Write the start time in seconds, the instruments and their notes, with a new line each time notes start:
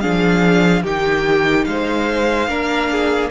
0.00 cello F3, viola D4, violin G#4 F5
0.83 cello D#3, viola D#4, violin G4 G5
1.64 cello G#3, violin C5 F5
2.48 cello A#3, viola D4, violin A#4
2.91 violin G#4